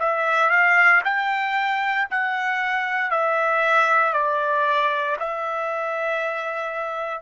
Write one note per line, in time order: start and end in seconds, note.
0.00 0.50 E5
0.50 1.02 F5
1.05 2.08 G5
2.11 3.11 F#5
3.11 4.13 E5
4.13 5.17 D5
5.20 7.22 E5